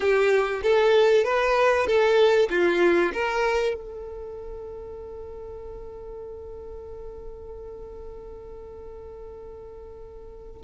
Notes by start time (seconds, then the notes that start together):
0.00 G4
0.62 A4
1.24 B4
1.86 A4
2.50 F4
3.12 A#4
3.74 A4